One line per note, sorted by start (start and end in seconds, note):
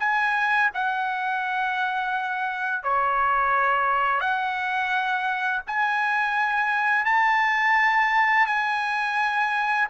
0.00 0.71 G#5
0.74 2.84 F#5
2.84 4.21 C#5
4.21 5.62 F#5
5.67 7.06 G#5
7.06 8.47 A5
8.47 9.88 G#5